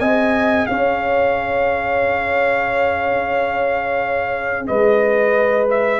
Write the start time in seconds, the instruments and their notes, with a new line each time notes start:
0.00 tuba C4, trombone G#4, horn D#5, trumpet G#5
0.66 tuba C#4, horn C#5, trumpet F5
4.67 tuba G#3, horn B4, trumpet D#5
5.70 trumpet E5